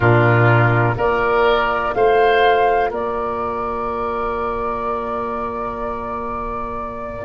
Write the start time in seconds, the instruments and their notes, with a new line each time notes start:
0.00 tuba A#2, trombone D4, oboe F4, flute A#4
0.96 tuba A#3, trombone F4, oboe A#4, flute D5
1.94 tuba A3, oboe C5, flute F5
2.90 tuba A#3, oboe A#4, flute D5